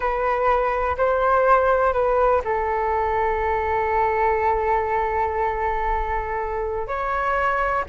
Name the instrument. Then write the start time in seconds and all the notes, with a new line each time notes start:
flute
0.00 B4
0.97 C5
1.93 B4
2.44 A4
6.87 C#5